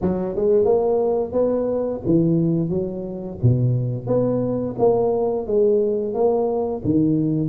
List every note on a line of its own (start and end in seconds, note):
0.01 0.35 F#3
0.35 0.64 G#3
0.64 1.32 A#3
1.32 2.00 B3
2.05 2.69 E3
2.69 3.37 F#3
3.42 4.07 B2
4.07 4.75 B3
4.79 5.46 A#3
5.46 6.14 G#3
6.14 6.82 A#3
6.84 7.49 D#3